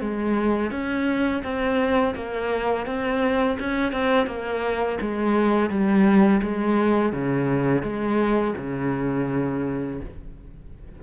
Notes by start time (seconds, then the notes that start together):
0.00 G#3
0.71 C#4
1.43 C4
2.15 A#3
2.86 C4
3.59 C#4
3.92 C4
4.26 A#3
5.01 G#3
5.69 G3
6.42 G#3
7.12 C#3
7.82 G#3
8.57 C#3